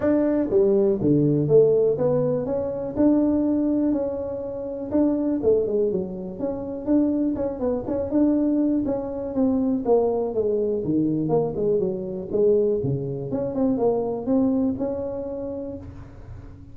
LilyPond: \new Staff \with { instrumentName = "tuba" } { \time 4/4 \tempo 4 = 122 d'4 g4 d4 a4 | b4 cis'4 d'2 | cis'2 d'4 a8 gis8 | fis4 cis'4 d'4 cis'8 b8 |
cis'8 d'4. cis'4 c'4 | ais4 gis4 dis4 ais8 gis8 | fis4 gis4 cis4 cis'8 c'8 | ais4 c'4 cis'2 | }